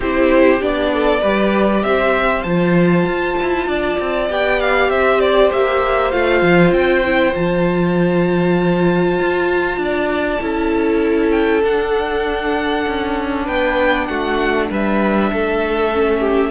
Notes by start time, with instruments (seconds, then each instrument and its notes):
0.00 cello C4, viola E4, violin G4 C5
0.60 cello B3, viola D4, violin D5
0.93 violin A4
1.21 cello G3, viola G4, violin B4
1.83 cello C4, violin C5 E5
2.43 cello F3, viola F4, violin A5
3.06 cello F4
3.42 cello E4
3.67 cello D4, violin D5
4.00 cello C4
4.29 cello B3, viola G4, violin G5
4.60 violin F5
4.89 cello C4, violin C5 E5
5.20 violin D5
5.52 cello A#3, violin E5
6.11 cello A3, viola F4, violin F5
6.42 cello F3
6.71 cello C4, violin G5
7.04 viola E4
7.33 cello F3, viola F4, violin A5
9.19 cello F4
9.77 cello D4, violin D5
10.40 cello C#4, viola E4, violin A4
11.30 violin G5
11.63 cello D4, viola D4, violin F#5
12.86 cello C#4
13.44 cello B3, violin B4 G5
14.06 cello A3, violin F#4 F#5
14.69 cello G3, violin B4 E5
15.32 cello A3, violin A4
15.92 viola C#4
16.19 violin G4